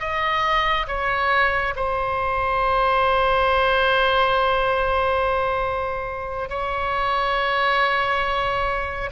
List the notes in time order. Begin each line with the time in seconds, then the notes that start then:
0.00 D#5
0.87 C#5
1.76 C5
6.50 C#5